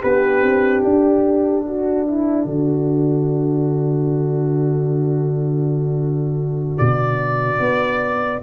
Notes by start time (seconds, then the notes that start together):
0.00 B3 D4 G4 B4
0.43 C4
0.83 D4 A4
1.67 F#4
2.08 E4
2.45 D3 F#4
6.78 B2 D5
7.60 B3